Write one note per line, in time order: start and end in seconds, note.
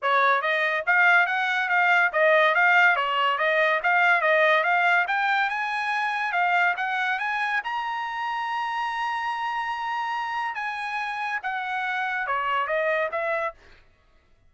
0.02 0.41 C#5
0.41 0.84 D#5
0.86 1.26 F5
1.26 1.68 F#5
1.69 2.11 F5
2.12 2.54 D#5
2.54 2.96 F5
2.96 3.38 C#5
3.38 3.80 D#5
3.83 4.21 F5
4.21 4.63 D#5
4.63 5.05 F5
5.07 5.49 G5
5.49 6.32 G#5
6.32 6.74 F5
6.77 7.19 F#5
7.19 7.61 G#5
7.64 10.55 A#5
10.55 11.39 G#5
11.42 12.27 F#5
12.27 12.67 C#5
12.67 13.09 D#5
13.11 13.53 E5